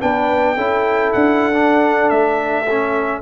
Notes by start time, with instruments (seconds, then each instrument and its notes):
0.00 tuba B3, trombone D4, horn B4, trumpet G5
0.55 tuba C#4, trombone E4, horn A4
1.12 tuba D4, trumpet F#5
1.53 trombone D4
2.09 tuba A3, trumpet E5
2.70 trombone C#4